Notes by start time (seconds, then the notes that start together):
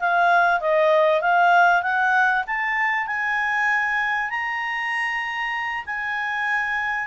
0.00 F5
0.61 D#5
1.22 F5
1.83 F#5
2.47 A5
3.07 G#5
4.30 A#5
5.86 G#5